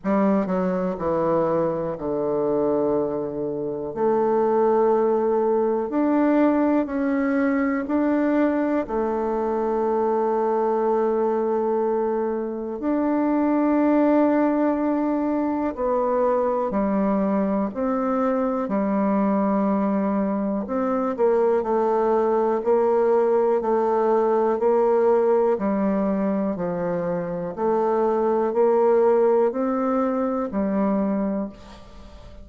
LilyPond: \new Staff \with { instrumentName = "bassoon" } { \time 4/4 \tempo 4 = 61 g8 fis8 e4 d2 | a2 d'4 cis'4 | d'4 a2.~ | a4 d'2. |
b4 g4 c'4 g4~ | g4 c'8 ais8 a4 ais4 | a4 ais4 g4 f4 | a4 ais4 c'4 g4 | }